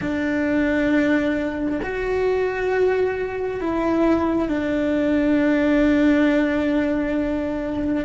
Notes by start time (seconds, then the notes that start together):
0.01 D4
1.82 F#4
3.61 E4
4.48 D4